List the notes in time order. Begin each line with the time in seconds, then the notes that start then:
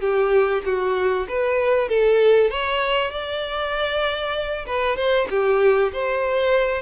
0.00 G4
0.65 F#4
1.28 B4
1.89 A4
2.50 C#5
3.11 D5
4.66 B4
4.96 C5
5.30 G4
5.92 C5